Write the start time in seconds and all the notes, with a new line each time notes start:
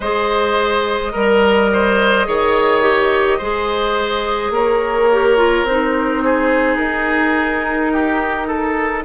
0.00 G#3 G#4 C5 D#5
1.12 G3 A#4
1.73 C5
2.25 D#3 G#4 C#5
2.82 G4
3.38 G#3 G#4 C5
4.50 A#3 A#4 C#5
5.12 G4
5.36 F4
5.63 C4 C5
5.70 D#4
6.24 G#4
6.76 D#4 A#4
7.92 G4
8.47 A4